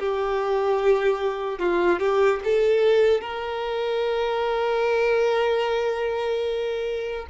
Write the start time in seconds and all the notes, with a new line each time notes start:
0.00 G4
1.59 F4
2.00 G4
2.45 A4
3.21 A#4